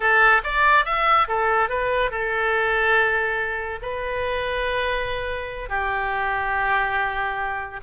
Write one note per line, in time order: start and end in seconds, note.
0.00 0.42 A4
0.43 0.85 D5
0.85 1.27 E5
1.28 1.69 A4
1.69 2.10 B4
2.10 3.79 A4
3.81 5.69 B4
5.69 7.80 G4